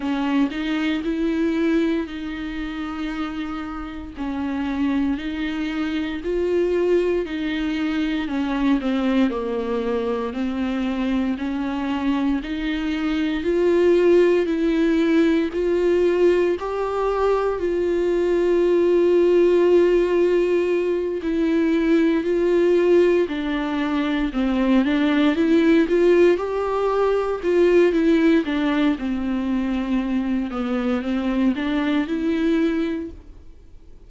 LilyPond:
\new Staff \with { instrumentName = "viola" } { \time 4/4 \tempo 4 = 58 cis'8 dis'8 e'4 dis'2 | cis'4 dis'4 f'4 dis'4 | cis'8 c'8 ais4 c'4 cis'4 | dis'4 f'4 e'4 f'4 |
g'4 f'2.~ | f'8 e'4 f'4 d'4 c'8 | d'8 e'8 f'8 g'4 f'8 e'8 d'8 | c'4. b8 c'8 d'8 e'4 | }